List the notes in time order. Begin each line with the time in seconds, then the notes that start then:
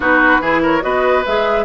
0.00 B3 D#4 F#4 B4
0.40 E3 E4 G#4
0.62 A#4 C#5
0.81 B3 F#4 B4 D#5
1.25 G#3 G#4 E5